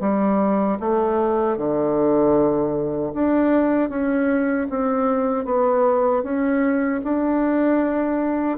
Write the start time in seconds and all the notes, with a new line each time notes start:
0.00 G3
0.79 A3
1.57 D3
3.14 D4
3.89 C#4
4.70 C4
5.45 B3
6.23 C#4
7.03 D4